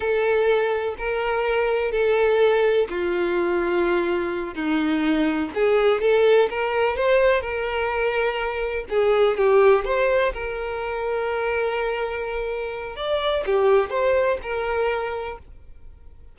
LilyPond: \new Staff \with { instrumentName = "violin" } { \time 4/4 \tempo 4 = 125 a'2 ais'2 | a'2 f'2~ | f'4. dis'2 gis'8~ | gis'8 a'4 ais'4 c''4 ais'8~ |
ais'2~ ais'8 gis'4 g'8~ | g'8 c''4 ais'2~ ais'8~ | ais'2. d''4 | g'4 c''4 ais'2 | }